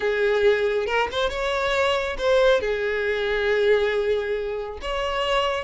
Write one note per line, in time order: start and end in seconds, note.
0.00 0.86 G#4
0.86 1.08 A#4
1.11 1.29 C5
1.29 2.16 C#5
2.18 2.60 C5
2.60 4.78 G#4
4.81 5.64 C#5